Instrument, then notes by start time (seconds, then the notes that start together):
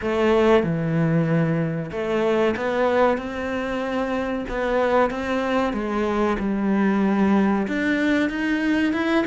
cello
0.01 A3
0.63 E3
1.91 A3
2.56 B3
3.17 C4
4.49 B3
5.10 C4
5.73 G#3
6.39 G3
7.67 D4
8.29 D#4
8.92 E4